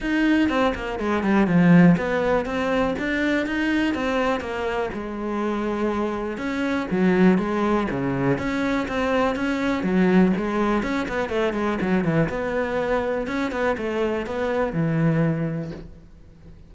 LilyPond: \new Staff \with { instrumentName = "cello" } { \time 4/4 \tempo 4 = 122 dis'4 c'8 ais8 gis8 g8 f4 | b4 c'4 d'4 dis'4 | c'4 ais4 gis2~ | gis4 cis'4 fis4 gis4 |
cis4 cis'4 c'4 cis'4 | fis4 gis4 cis'8 b8 a8 gis8 | fis8 e8 b2 cis'8 b8 | a4 b4 e2 | }